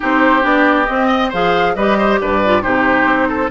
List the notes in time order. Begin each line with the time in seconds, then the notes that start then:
0.00 C4 D#4 G4 C5
0.41 B3 D4 D5
0.86 C4 D#5
1.07 D#5
1.29 F3 G#4 C5 F5
1.75 G3 G4 B4 D#5
1.97 C5
2.21 G2 B4 D5
2.44 F4
2.61 C3 D#4 G4 C5
3.04 C4
3.28 A4